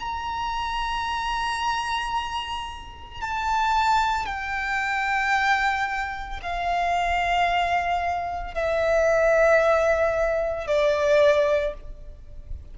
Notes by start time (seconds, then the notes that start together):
0.00 A#5
3.21 A5
4.26 G5
6.42 F5
8.55 E5
10.67 D5